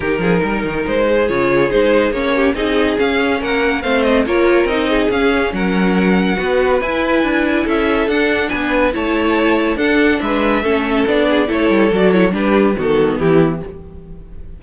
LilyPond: <<
  \new Staff \with { instrumentName = "violin" } { \time 4/4 \tempo 4 = 141 ais'2 c''4 cis''4 | c''4 cis''4 dis''4 f''4 | fis''4 f''8 dis''8 cis''4 dis''4 | f''4 fis''2. |
gis''2 e''4 fis''4 | gis''4 a''2 fis''4 | e''2 d''4 cis''4 | d''8 cis''8 b'4 a'4 g'4 | }
  \new Staff \with { instrumentName = "violin" } { \time 4/4 g'8 gis'8 ais'4. gis'4.~ | gis'4. g'8 gis'2 | ais'4 c''4 ais'4. gis'8~ | gis'4 ais'2 b'4~ |
b'2 a'2 | b'4 cis''2 a'4 | b'4 a'4. gis'8 a'4~ | a'4 g'4 fis'4 e'4 | }
  \new Staff \with { instrumentName = "viola" } { \time 4/4 dis'2. f'4 | dis'4 cis'4 dis'4 cis'4~ | cis'4 c'4 f'4 dis'4 | cis'2. fis'4 |
e'2. d'4~ | d'4 e'2 d'4~ | d'4 cis'4 d'4 e'4 | fis'8 e'8 d'4 b2 | }
  \new Staff \with { instrumentName = "cello" } { \time 4/4 dis8 f8 g8 dis8 gis4 cis4 | gis4 ais4 c'4 cis'4 | ais4 a4 ais4 c'4 | cis'4 fis2 b4 |
e'4 d'4 cis'4 d'4 | b4 a2 d'4 | gis4 a4 b4 a8 g8 | fis4 g4 dis4 e4 | }
>>